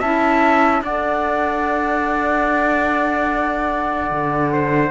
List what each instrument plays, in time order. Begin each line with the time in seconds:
0.00 cello C#4, clarinet E4, trumpet E5, flute A5
0.82 cello D4, clarinet A4, trumpet D5, flute F#5
4.11 cello D3
4.53 trumpet C5